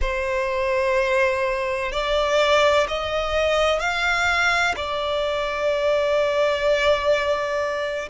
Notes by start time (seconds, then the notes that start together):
0.01 C5
1.91 D5
2.88 D#5
3.79 F5
4.76 D5